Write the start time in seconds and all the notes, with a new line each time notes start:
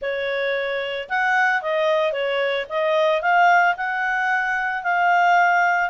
0.01 C#5
1.09 F#5
1.62 D#5
2.12 C#5
2.69 D#5
3.21 F5
3.76 F#5
4.83 F5